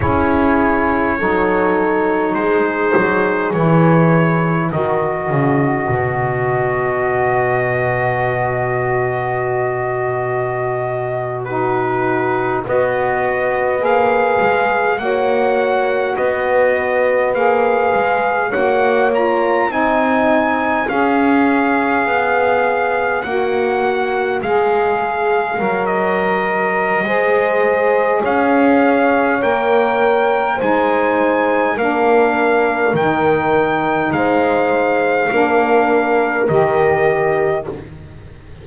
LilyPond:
<<
  \new Staff \with { instrumentName = "trumpet" } { \time 4/4 \tempo 4 = 51 cis''2 c''4 cis''4 | dis''1~ | dis''4.~ dis''16 b'4 dis''4 f''16~ | f''8. fis''4 dis''4 f''4 fis''16~ |
fis''16 ais''8 gis''4 f''2 fis''16~ | fis''8. f''4~ f''16 dis''2 | f''4 g''4 gis''4 f''4 | g''4 f''2 dis''4 | }
  \new Staff \with { instrumentName = "horn" } { \time 4/4 gis'4 a'4 gis'2 | b'1~ | b'4.~ b'16 fis'4 b'4~ b'16~ | b'8. cis''4 b'2 cis''16~ |
cis''8. dis''4 cis''2~ cis''16~ | cis''2. c''4 | cis''2 c''4 ais'4~ | ais'4 c''4 ais'2 | }
  \new Staff \with { instrumentName = "saxophone" } { \time 4/4 e'4 dis'2 e'4 | fis'1~ | fis'4.~ fis'16 dis'4 fis'4 gis'16~ | gis'8. fis'2 gis'4 fis'16~ |
fis'16 f'8 dis'4 gis'2 fis'16~ | fis'8. gis'4 ais'4~ ais'16 gis'4~ | gis'4 ais'4 dis'4 d'4 | dis'2 d'4 g'4 | }
  \new Staff \with { instrumentName = "double bass" } { \time 4/4 cis'4 fis4 gis8 fis8 e4 | dis8 cis8 b,2.~ | b,2~ b,8. b4 ais16~ | ais16 gis8 ais4 b4 ais8 gis8 ais16~ |
ais8. c'4 cis'4 b4 ais16~ | ais8. gis4 fis4~ fis16 gis4 | cis'4 ais4 gis4 ais4 | dis4 gis4 ais4 dis4 | }
>>